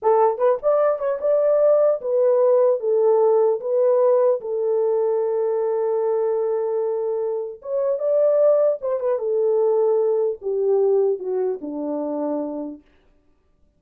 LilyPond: \new Staff \with { instrumentName = "horn" } { \time 4/4 \tempo 4 = 150 a'4 b'8 d''4 cis''8 d''4~ | d''4 b'2 a'4~ | a'4 b'2 a'4~ | a'1~ |
a'2. cis''4 | d''2 c''8 b'8 a'4~ | a'2 g'2 | fis'4 d'2. | }